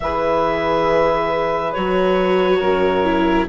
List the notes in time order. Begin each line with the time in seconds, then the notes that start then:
0.00 E3 G#4 B4 E5
1.72 F#3 F#4 C#5
2.59 F#2 A#4
3.04 E4